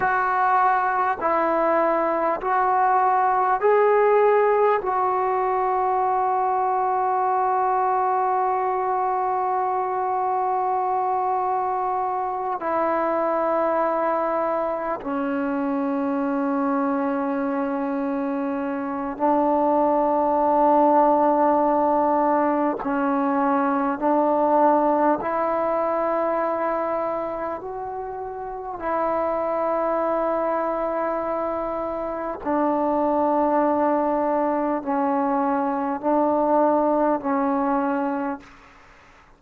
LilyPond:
\new Staff \with { instrumentName = "trombone" } { \time 4/4 \tempo 4 = 50 fis'4 e'4 fis'4 gis'4 | fis'1~ | fis'2~ fis'8 e'4.~ | e'8 cis'2.~ cis'8 |
d'2. cis'4 | d'4 e'2 fis'4 | e'2. d'4~ | d'4 cis'4 d'4 cis'4 | }